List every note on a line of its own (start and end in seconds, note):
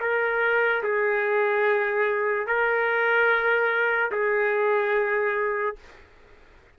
0.00 0.82 A#4
0.83 2.46 G#4
2.46 4.11 A#4
4.11 5.75 G#4